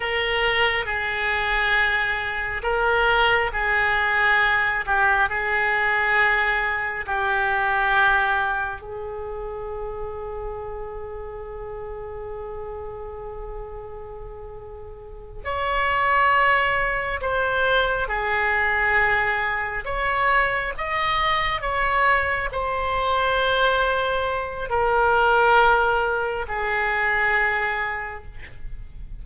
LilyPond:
\new Staff \with { instrumentName = "oboe" } { \time 4/4 \tempo 4 = 68 ais'4 gis'2 ais'4 | gis'4. g'8 gis'2 | g'2 gis'2~ | gis'1~ |
gis'4. cis''2 c''8~ | c''8 gis'2 cis''4 dis''8~ | dis''8 cis''4 c''2~ c''8 | ais'2 gis'2 | }